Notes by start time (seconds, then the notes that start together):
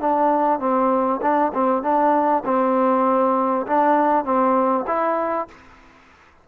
0.00 D4
0.59 C4
1.22 D4
1.53 C4
1.83 D4
2.45 C4
3.66 D4
4.24 C4
4.87 E4